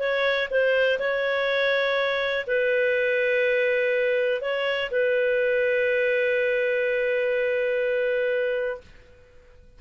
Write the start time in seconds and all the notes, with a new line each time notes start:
0.00 C#5
0.50 C5
0.99 C#5
2.47 B4
4.41 C#5
4.91 B4